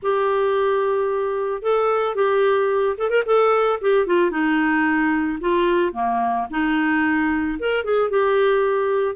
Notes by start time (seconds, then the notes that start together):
0.02 G4
1.62 A4
2.15 G4
2.97 A4
3.10 A#4
3.25 A4
3.81 G4
4.06 F4
4.30 D#4
5.40 F4
5.93 A#3
6.50 D#4
7.59 A#4
7.84 G#4
8.10 G4